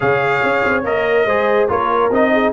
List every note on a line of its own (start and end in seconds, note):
0.00 0.42 C#3
0.00 0.83 G#4
0.00 1.25 C#5
0.00 0.83 F5
0.42 0.63 C#4
0.64 0.84 C4
0.84 1.25 A#3
0.84 1.27 A#4
0.84 1.69 D#5
1.25 1.67 G#3
1.25 1.68 G#4
1.25 1.68 C5
1.68 2.09 A#3
1.68 2.10 F4
1.68 2.31 A#4
1.68 2.12 C#5
2.09 2.51 C4
2.09 2.53 D#4
2.09 2.53 D#5
2.32 2.53 G#4